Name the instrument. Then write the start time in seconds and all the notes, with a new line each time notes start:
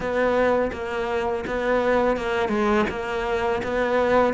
cello
0.00 B3
0.72 A#3
1.46 B3
2.17 A#3
2.48 G#3
2.89 A#3
3.63 B3